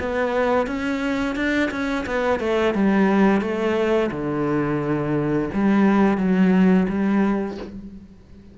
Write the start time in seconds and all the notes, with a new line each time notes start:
0.00 B3
0.67 C#4
1.36 D4
1.71 C#4
2.06 B3
2.40 A3
2.75 G3
3.42 A3
4.12 D3
5.54 G3
6.18 F#3
6.89 G3